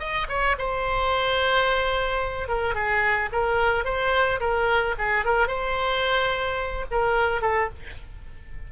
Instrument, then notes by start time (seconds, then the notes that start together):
oboe
0.00 D#5
0.29 C#5
0.59 C5
2.49 A#4
2.75 G#4
3.33 A#4
3.85 C5
4.41 A#4
4.99 G#4
5.26 A#4
5.48 C5
6.92 A#4
7.42 A4